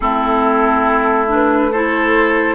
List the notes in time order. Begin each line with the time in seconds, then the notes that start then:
0.00 A3 C4 E4 A4
1.28 D4 B4
1.71 E4 A4 C5